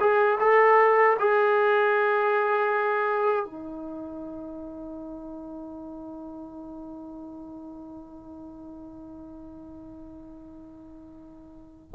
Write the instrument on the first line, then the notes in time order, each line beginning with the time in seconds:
trombone
0.00 G#4
0.40 A4
1.19 G#4
3.45 D#4